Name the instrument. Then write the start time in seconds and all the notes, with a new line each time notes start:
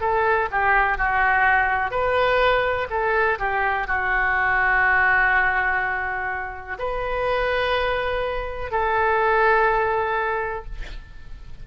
oboe
0.00 A4
0.51 G4
0.97 F#4
1.91 B4
2.90 A4
3.39 G4
3.87 F#4
6.78 B4
8.71 A4